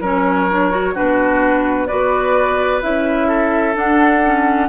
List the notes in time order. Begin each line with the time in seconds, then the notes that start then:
0.00 F#3 C#4 A#4 C#5
0.50 D4
0.71 F#4
0.94 B2 D4 F#4 B4
1.87 B3 F#4 B4 D5
2.81 C#4 E4 E5
3.27 A4
3.74 D4 F#5
4.24 C#4